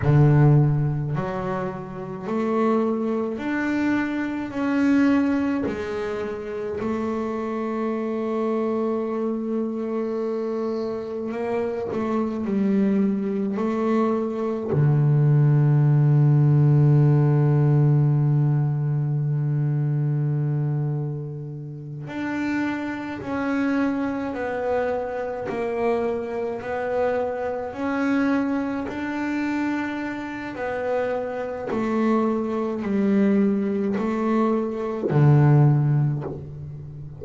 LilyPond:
\new Staff \with { instrumentName = "double bass" } { \time 4/4 \tempo 4 = 53 d4 fis4 a4 d'4 | cis'4 gis4 a2~ | a2 ais8 a8 g4 | a4 d2.~ |
d2.~ d8 d'8~ | d'8 cis'4 b4 ais4 b8~ | b8 cis'4 d'4. b4 | a4 g4 a4 d4 | }